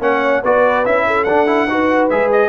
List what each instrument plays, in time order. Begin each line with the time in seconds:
0.00 tuba A#3, trombone C#4, horn C#5, trumpet F#5
0.43 tuba B3, trombone F#4, horn B4, trumpet D5
0.85 tuba C#4, trombone E4, trumpet E5
1.07 horn A4
1.24 tuba D4, trombone D4, trumpet F#5
1.47 trombone E4
1.68 tuba D#4, trombone F#4, horn B4
2.10 tuba G#3, trombone G#4, trumpet E5
2.32 trumpet D#5